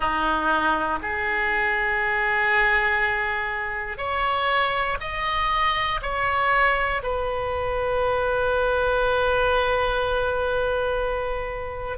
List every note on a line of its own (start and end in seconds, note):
0.00 0.99 D#4
1.02 3.97 G#4
3.97 4.97 C#5
5.00 6.00 D#5
6.01 7.01 C#5
7.02 11.97 B4